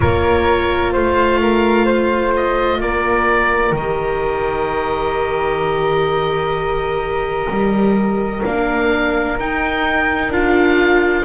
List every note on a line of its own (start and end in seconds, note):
0.00 0.95 A#3
0.00 3.75 F4
0.00 0.92 A#4
0.00 0.93 C#5
0.92 2.79 A3
0.92 1.39 C5
0.92 2.33 F5
1.40 1.84 A#4
1.84 2.78 C5
2.36 2.81 D#5
2.79 3.71 A#3
2.79 11.24 A#4
2.79 3.75 D5
3.71 7.46 D#3
3.71 8.44 D#5
3.80 8.44 G4
7.49 8.43 G3
8.44 9.38 A#3
8.44 9.38 D4
8.44 9.38 F5
9.38 10.28 D#4
9.38 10.32 D#4
9.38 10.32 G5
10.28 11.22 D4
10.28 11.24 F4
10.28 11.24 F5